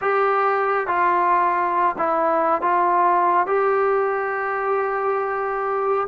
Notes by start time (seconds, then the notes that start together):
0.01 G4
0.87 F4
1.98 E4
2.61 F4
3.46 G4